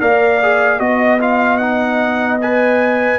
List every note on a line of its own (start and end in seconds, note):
0.00 0.79 A#3
0.00 0.40 A#4
0.00 0.79 D5
0.00 0.79 F5
0.42 0.79 G#4
0.79 3.19 B3
0.79 1.19 F#4
0.79 1.19 D#5
0.79 3.19 D#5
1.20 1.60 F4
1.20 1.57 F5
1.57 2.40 D#4
1.57 2.37 F#5
2.41 3.19 B4
2.41 3.19 G#5